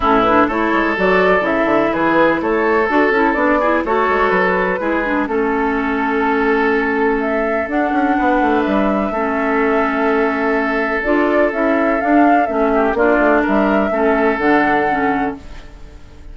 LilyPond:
<<
  \new Staff \with { instrumentName = "flute" } { \time 4/4 \tempo 4 = 125 a'8 b'8 cis''4 d''4 e''4 | b'4 cis''4 a'4 d''4 | cis''4 b'2 a'4~ | a'2. e''4 |
fis''2 e''2~ | e''2. d''4 | e''4 f''4 e''4 d''4 | e''2 fis''2 | }
  \new Staff \with { instrumentName = "oboe" } { \time 4/4 e'4 a'2. | gis'4 a'2~ a'8 gis'8 | a'2 gis'4 a'4~ | a'1~ |
a'4 b'2 a'4~ | a'1~ | a'2~ a'8 g'8 f'4 | ais'4 a'2. | }
  \new Staff \with { instrumentName = "clarinet" } { \time 4/4 cis'8 d'8 e'4 fis'4 e'4~ | e'2 fis'8 e'8 d'8 e'8 | fis'2 e'8 d'8 cis'4~ | cis'1 |
d'2. cis'4~ | cis'2. f'4 | e'4 d'4 cis'4 d'4~ | d'4 cis'4 d'4 cis'4 | }
  \new Staff \with { instrumentName = "bassoon" } { \time 4/4 a,4 a8 gis8 fis4 cis8 d8 | e4 a4 d'8 cis'8 b4 | a8 gis8 fis4 gis4 a4~ | a1 |
d'8 cis'8 b8 a8 g4 a4~ | a2. d'4 | cis'4 d'4 a4 ais8 a8 | g4 a4 d2 | }
>>